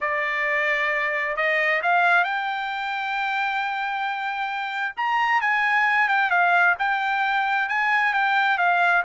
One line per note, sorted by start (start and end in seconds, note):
0.01 1.36 D5
1.36 1.81 D#5
1.82 2.24 F5
2.24 4.94 G5
4.96 5.41 A#5
5.41 6.08 G#5
6.08 6.30 G5
6.30 6.75 F5
6.79 7.68 G5
7.68 8.13 G#5
8.13 8.58 G5
8.58 9.03 F5